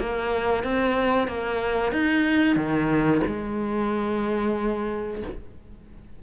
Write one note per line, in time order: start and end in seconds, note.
0.00 0.64 A#3
0.64 1.28 C4
1.28 1.92 A#3
1.92 2.56 D#4
2.56 3.21 D#3
3.27 5.23 G#3